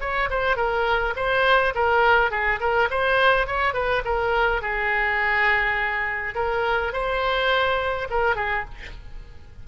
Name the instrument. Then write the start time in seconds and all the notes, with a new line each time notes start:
oboe
0.00 C#5
0.30 C5
0.56 A#4
1.16 C5
1.74 A#4
2.30 G#4
2.60 A#4
2.90 C5
3.46 C#5
3.73 B4
4.04 A#4
4.61 G#4
6.35 A#4
6.92 C5
8.10 A#4
8.35 G#4